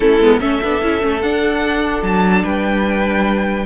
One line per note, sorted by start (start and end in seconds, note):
0.00 0.19 A3
0.00 0.21 C#4
0.00 0.39 E4
0.00 0.40 A4
0.19 0.39 G#3
0.19 0.40 B3
0.40 0.60 A3
0.40 0.61 C#4
0.40 2.43 A4
0.40 1.21 E5
0.62 0.81 B3
0.62 0.82 D4
0.81 1.02 C#4
0.81 1.01 E4
1.01 1.22 A3
1.01 1.21 C#4
1.21 2.02 D4
1.21 3.66 D4
1.21 2.03 F#5
2.02 2.43 F#3
2.02 2.44 A5
2.43 3.66 G3
2.43 3.66 B4
2.43 3.66 G5